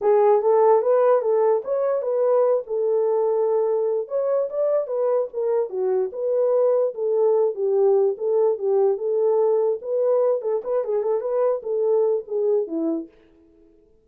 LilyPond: \new Staff \with { instrumentName = "horn" } { \time 4/4 \tempo 4 = 147 gis'4 a'4 b'4 a'4 | cis''4 b'4. a'4.~ | a'2 cis''4 d''4 | b'4 ais'4 fis'4 b'4~ |
b'4 a'4. g'4. | a'4 g'4 a'2 | b'4. a'8 b'8 gis'8 a'8 b'8~ | b'8 a'4. gis'4 e'4 | }